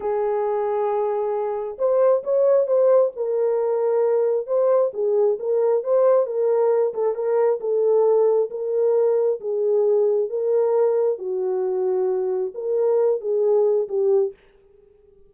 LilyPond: \new Staff \with { instrumentName = "horn" } { \time 4/4 \tempo 4 = 134 gis'1 | c''4 cis''4 c''4 ais'4~ | ais'2 c''4 gis'4 | ais'4 c''4 ais'4. a'8 |
ais'4 a'2 ais'4~ | ais'4 gis'2 ais'4~ | ais'4 fis'2. | ais'4. gis'4. g'4 | }